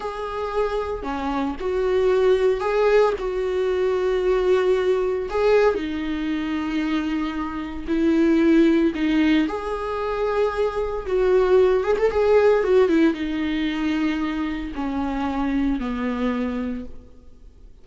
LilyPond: \new Staff \with { instrumentName = "viola" } { \time 4/4 \tempo 4 = 114 gis'2 cis'4 fis'4~ | fis'4 gis'4 fis'2~ | fis'2 gis'4 dis'4~ | dis'2. e'4~ |
e'4 dis'4 gis'2~ | gis'4 fis'4. gis'16 a'16 gis'4 | fis'8 e'8 dis'2. | cis'2 b2 | }